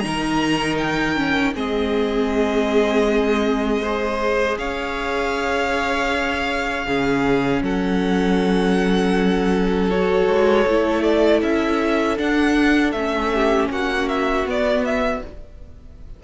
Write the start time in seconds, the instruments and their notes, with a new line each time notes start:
0.00 cello D#3, viola D#4, violin A#5
0.06 violin A#4
0.78 violin G5
1.16 viola C#4
1.54 cello G#3, viola C4, violin G#4 D#5
3.82 viola G#4, violin C5
4.58 cello C#4, violin C#5 F5
6.87 cello C#3, viola C#4, violin G#4
7.62 cello F#3, violin A4 F#5
9.90 viola F#4, violin C#5
10.28 cello G#3
10.67 cello A3, viola E4
11.03 violin D5
11.42 cello C#4, violin E5
12.18 viola D4, cello D4, violin F#5
12.92 cello A3, viola C#4, violin E5
13.34 violin G4
13.70 cello A#3, violin F#4 F#5
14.09 violin E5
14.46 viola B3, cello B3, violin D5
14.85 violin E5